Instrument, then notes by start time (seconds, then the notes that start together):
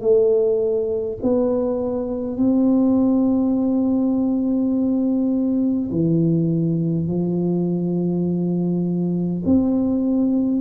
tuba
0.00 A3
1.22 B3
2.37 C4
5.90 E3
7.07 F3
9.45 C4